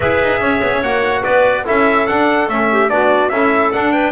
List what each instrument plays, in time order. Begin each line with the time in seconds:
0.00 double bass E4, trombone G#4, clarinet B4, trumpet E5
0.22 double bass D#4
0.40 double bass C#4, clarinet C#5
0.62 double bass B3
0.72 double bass C#4
0.82 double bass A#3, trombone F#4, trumpet F#5
1.22 double bass B3, clarinet B4, trumpet D5
1.64 double bass C#4, trombone E4, clarinet A4, trumpet E5
2.06 double bass D4, trombone D4, trumpet F#5
2.48 double bass A3, trombone C#4, trumpet E5
2.71 clarinet G4
2.88 double bass B3, trombone D4, clarinet F#4, trumpet D5
3.29 double bass C#4, trombone E4, clarinet A4, trumpet E5
3.72 trombone D4, double bass D4, trumpet F#5
3.92 clarinet B4, trumpet G5